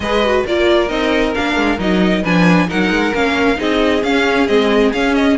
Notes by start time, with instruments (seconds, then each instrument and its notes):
0.00 cello G#3, viola G#4, violin B4 D#5
0.24 viola F#4
0.46 cello A#3, viola F4, violin A#4 D5
0.88 cello C4, viola D#4, violin D#5
1.34 cello A#3, viola D4, violin F5
1.55 cello G#3
1.78 cello F#3, viola D#4, violin D#5
2.22 cello F3, viola D4, violin B4 G#5
2.68 cello F#3, viola D#4, violin A#4 F#5
2.90 cello G#3
3.14 cello A#3, viola C#4, violin F5
3.55 cello C4, viola D#4, violin G#4 D#5
4.03 cello C#4, viola C#4, violin F5
4.47 cello G#3, viola C4, violin D#5
4.92 cello C#4, viola C#4, violin F5
5.14 violin D#5